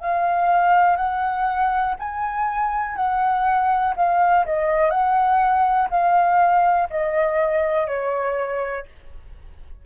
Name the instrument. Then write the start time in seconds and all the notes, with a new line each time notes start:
flute
0.00 F5
0.97 F#5
1.99 G#5
2.96 F#5
3.96 F5
4.46 D#5
4.90 F#5
5.90 F5
6.90 D#5
7.87 C#5